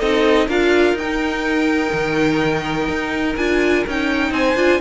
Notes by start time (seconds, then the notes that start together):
0.00 C4 D#4 A4 D#5
0.47 D4 F4 A#4 F5
0.94 D#4 G5
1.01 D#4
1.93 D#3
2.88 D#4
3.36 D4 F4 G#5
3.87 C#4 D#4 G5
4.31 C4 C5 G#5
4.55 D4 F4